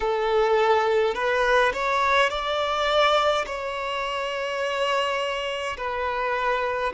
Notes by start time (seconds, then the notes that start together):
0.00 A4
1.14 B4
1.73 C#5
2.29 D5
3.46 C#5
5.77 B4